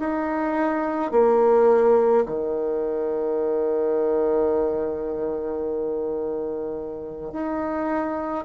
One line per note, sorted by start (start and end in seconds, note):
0.00 1.12 D#4
1.12 2.25 A#3
2.26 7.33 D#3
7.33 8.45 D#4